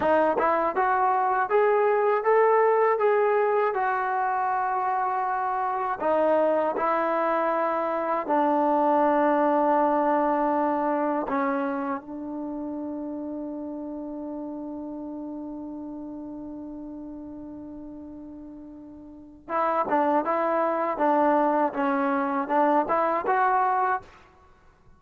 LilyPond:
\new Staff \with { instrumentName = "trombone" } { \time 4/4 \tempo 4 = 80 dis'8 e'8 fis'4 gis'4 a'4 | gis'4 fis'2. | dis'4 e'2 d'4~ | d'2. cis'4 |
d'1~ | d'1~ | d'2 e'8 d'8 e'4 | d'4 cis'4 d'8 e'8 fis'4 | }